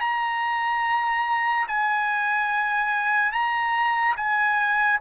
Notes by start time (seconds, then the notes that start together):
0.00 A#5
1.67 G#5
3.32 A#5
4.16 G#5